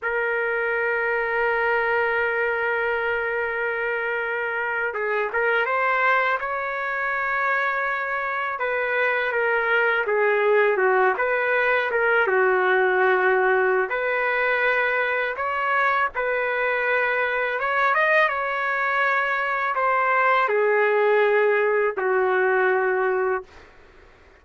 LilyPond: \new Staff \with { instrumentName = "trumpet" } { \time 4/4 \tempo 4 = 82 ais'1~ | ais'2~ ais'8. gis'8 ais'8 c''16~ | c''8. cis''2. b'16~ | b'8. ais'4 gis'4 fis'8 b'8.~ |
b'16 ais'8 fis'2~ fis'16 b'4~ | b'4 cis''4 b'2 | cis''8 dis''8 cis''2 c''4 | gis'2 fis'2 | }